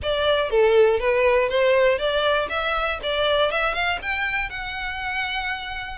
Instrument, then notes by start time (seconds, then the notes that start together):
violin
0.02 D5
0.50 A4
0.99 B4
1.49 C5
1.98 D5
2.49 E5
3.02 D5
3.51 E5
3.73 F5
4.02 G5
4.49 F#5